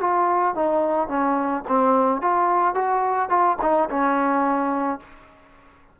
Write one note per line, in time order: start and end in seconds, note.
0.00 0.55 F4
0.55 1.08 D#4
1.08 1.63 C#4
1.68 2.22 C4
2.22 2.75 F4
2.75 3.29 F#4
3.29 3.57 F4
3.62 3.89 D#4
3.90 5.00 C#4